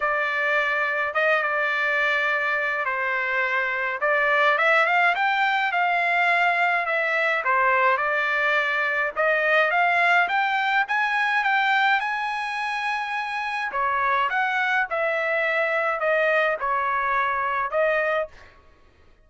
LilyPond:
\new Staff \with { instrumentName = "trumpet" } { \time 4/4 \tempo 4 = 105 d''2 dis''8 d''4.~ | d''4 c''2 d''4 | e''8 f''8 g''4 f''2 | e''4 c''4 d''2 |
dis''4 f''4 g''4 gis''4 | g''4 gis''2. | cis''4 fis''4 e''2 | dis''4 cis''2 dis''4 | }